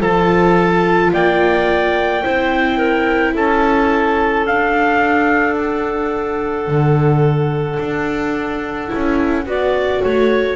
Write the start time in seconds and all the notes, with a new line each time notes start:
0.00 F3 F4 A4 A5
1.12 A#3 D5 G5
2.22 C4 E4 C5
2.77 A#4
3.33 C#4 A4 A5
4.44 D4 F5
5.56 F#5
6.67 D3
7.79 D4
8.87 C#4 E4
9.45 B3 F#4 D5
10.02 A3 C#5